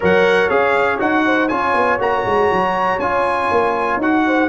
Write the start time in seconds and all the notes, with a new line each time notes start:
0.00 F#3 A#4 C#5 F#5
0.49 C#4 G#4 F5
0.98 D#4 F#4 F#5
1.25 C5
1.48 C#4 F4 C#5 G#5
1.74 B3
1.99 A#3 F#4 A#5
2.25 G#3
2.52 F#3
2.98 C#4 F4 G#5
3.51 A#3
3.97 D#4 F#4 F#5
4.26 C5